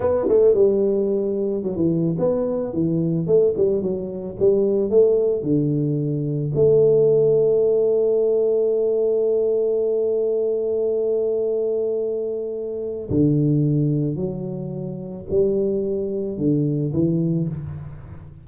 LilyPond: \new Staff \with { instrumentName = "tuba" } { \time 4/4 \tempo 4 = 110 b8 a8 g2 fis16 e8. | b4 e4 a8 g8 fis4 | g4 a4 d2 | a1~ |
a1~ | a1 | d2 fis2 | g2 d4 e4 | }